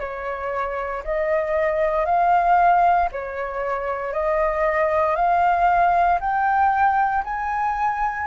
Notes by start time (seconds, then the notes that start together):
0.00 C#5
1.04 D#5
2.05 F5
3.12 C#5
4.13 D#5
5.15 F5
6.20 G5
7.24 G#5